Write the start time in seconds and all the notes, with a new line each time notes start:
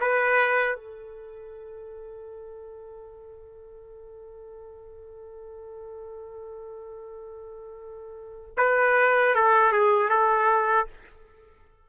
0.00 B4
0.75 A4
8.57 B4
9.35 A4
9.72 G#4
10.09 A4